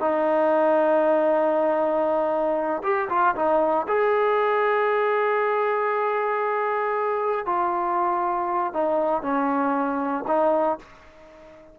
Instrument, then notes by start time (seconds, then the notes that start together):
trombone
0.00 D#4
2.83 G4
3.09 F4
3.35 D#4
3.88 G#4
7.45 F4
8.73 D#4
9.22 C#4
10.27 D#4